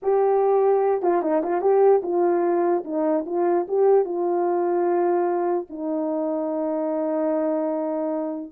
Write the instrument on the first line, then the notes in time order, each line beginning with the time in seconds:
horn
0.02 G4
1.02 F4
1.22 D#4
1.43 F4
1.61 G4
2.03 F4
2.84 D#4
3.26 F4
3.67 G4
4.04 F4
5.69 D#4